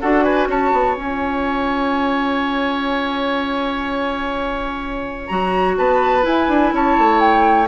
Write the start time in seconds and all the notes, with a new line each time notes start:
0.00 D4 F#4 A4 F#5
0.23 B4 G#5
0.47 C#4 C#5 A5
0.72 B3
0.95 C#4 F4 G#5
5.26 F#3 F#4 A#5
5.77 B3 B4 A5
6.21 E4 G#5
6.48 D4
6.72 C#4 C#5 A5
6.98 A3
7.20 G5